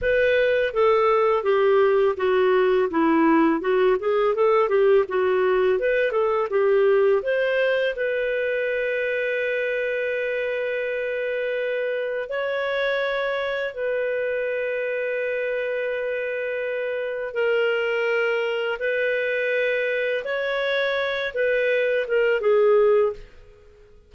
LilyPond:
\new Staff \with { instrumentName = "clarinet" } { \time 4/4 \tempo 4 = 83 b'4 a'4 g'4 fis'4 | e'4 fis'8 gis'8 a'8 g'8 fis'4 | b'8 a'8 g'4 c''4 b'4~ | b'1~ |
b'4 cis''2 b'4~ | b'1 | ais'2 b'2 | cis''4. b'4 ais'8 gis'4 | }